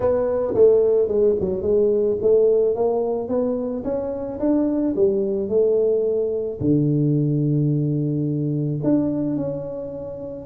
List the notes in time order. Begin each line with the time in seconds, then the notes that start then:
0.00 B3
0.54 A3
1.07 G#3
1.40 F#3
1.62 G#3
2.21 A3
2.75 A#3
3.28 B3
3.84 C#4
4.39 D4
4.95 G3
5.48 A3
6.60 D3
8.83 D4
9.36 C#4